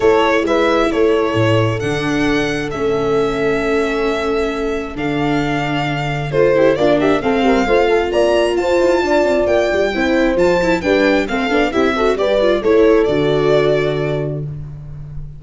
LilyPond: <<
  \new Staff \with { instrumentName = "violin" } { \time 4/4 \tempo 4 = 133 cis''4 e''4 cis''2 | fis''2 e''2~ | e''2. f''4~ | f''2 c''4 d''8 e''8 |
f''2 ais''4 a''4~ | a''4 g''2 a''4 | g''4 f''4 e''4 d''4 | cis''4 d''2. | }
  \new Staff \with { instrumentName = "horn" } { \time 4/4 a'4 b'4 a'2~ | a'1~ | a'1~ | a'2~ a'8 g'8 f'8 g'8 |
a'8 ais'8 c''8 a'8 d''4 c''4 | d''2 c''2 | b'4 a'4 g'8 a'8 b'4 | a'1 | }
  \new Staff \with { instrumentName = "viola" } { \time 4/4 e'1 | d'2 cis'2~ | cis'2. d'4~ | d'2 f'8 e'8 d'4 |
c'4 f'2.~ | f'2 e'4 f'8 e'8 | d'4 c'8 d'8 e'8 fis'8 g'8 f'8 | e'4 fis'2. | }
  \new Staff \with { instrumentName = "tuba" } { \time 4/4 a4 gis4 a4 a,4 | d2 a2~ | a2. d4~ | d2 a4 ais4 |
a8 g8 a4 ais4 f'8 e'8 | d'8 c'8 ais8 g8 c'4 f4 | g4 a8 b8 c'4 g4 | a4 d2. | }
>>